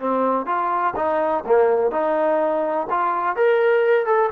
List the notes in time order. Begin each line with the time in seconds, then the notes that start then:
0.00 C4
0.46 F4
0.96 D#4
1.46 A#3
1.92 D#4
2.90 F4
3.36 A#4
4.06 A4